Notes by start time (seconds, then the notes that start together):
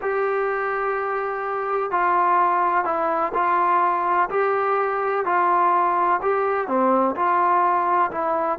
0.01 G4
1.91 F4
2.84 E4
3.33 F4
4.29 G4
5.25 F4
6.21 G4
6.67 C4
7.15 F4
8.11 E4